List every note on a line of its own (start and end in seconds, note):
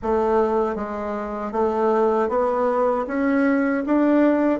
0.02 0.75 A3
0.75 1.52 G#3
1.52 2.28 A3
2.28 3.05 B3
3.07 3.84 C#4
3.86 4.59 D4